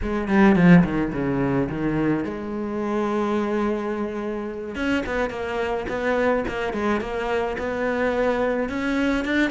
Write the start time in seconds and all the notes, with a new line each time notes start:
0.02 G#3
0.28 G3
0.55 F3
0.84 D#3
1.12 C#3
1.69 D#3
2.24 G#3
4.75 C#4
5.06 B3
5.30 A#3
5.88 B3
6.48 A#3
6.73 G#3
7.00 A#3
7.58 B3
8.69 C#4
9.24 D4